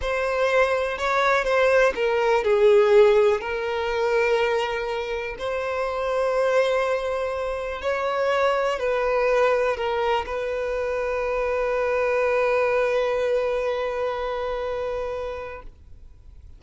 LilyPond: \new Staff \with { instrumentName = "violin" } { \time 4/4 \tempo 4 = 123 c''2 cis''4 c''4 | ais'4 gis'2 ais'4~ | ais'2. c''4~ | c''1 |
cis''2 b'2 | ais'4 b'2.~ | b'1~ | b'1 | }